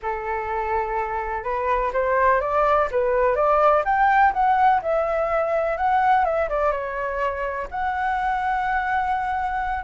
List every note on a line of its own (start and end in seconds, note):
0.02 1.43 A4
1.43 1.91 B4
1.93 2.40 C5
2.40 2.88 D5
2.91 3.35 B4
3.35 3.83 D5
3.84 4.32 G5
4.33 4.81 F#5
4.82 5.77 E5
5.77 6.24 F#5
6.24 6.48 E5
6.49 6.71 D5
6.71 7.67 C#5
7.71 9.84 F#5